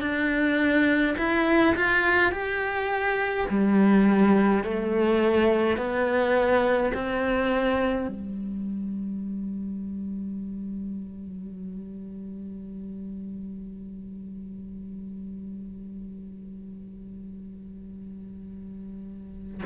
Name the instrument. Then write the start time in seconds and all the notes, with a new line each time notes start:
cello
0.00 D4
1.17 E4
1.75 F4
2.31 G4
3.49 G3
4.64 A3
5.77 B3
6.93 C4
8.08 G3